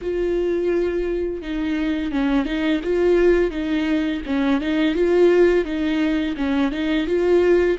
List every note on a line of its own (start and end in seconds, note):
0.01 1.41 F4
1.41 2.11 D#4
2.11 2.45 C#4
2.45 2.80 D#4
2.83 3.51 F4
3.51 4.21 D#4
4.26 4.60 C#4
4.60 4.94 D#4
4.94 5.64 F4
5.64 6.35 D#4
6.36 6.71 C#4
6.71 7.07 D#4
7.07 7.77 F4